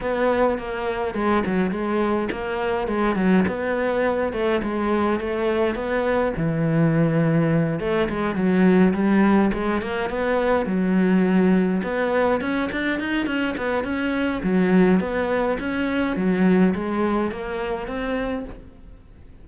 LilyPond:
\new Staff \with { instrumentName = "cello" } { \time 4/4 \tempo 4 = 104 b4 ais4 gis8 fis8 gis4 | ais4 gis8 fis8 b4. a8 | gis4 a4 b4 e4~ | e4. a8 gis8 fis4 g8~ |
g8 gis8 ais8 b4 fis4.~ | fis8 b4 cis'8 d'8 dis'8 cis'8 b8 | cis'4 fis4 b4 cis'4 | fis4 gis4 ais4 c'4 | }